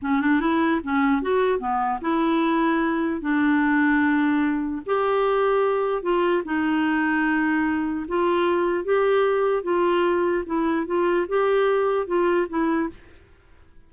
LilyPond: \new Staff \with { instrumentName = "clarinet" } { \time 4/4 \tempo 4 = 149 cis'8 d'8 e'4 cis'4 fis'4 | b4 e'2. | d'1 | g'2. f'4 |
dis'1 | f'2 g'2 | f'2 e'4 f'4 | g'2 f'4 e'4 | }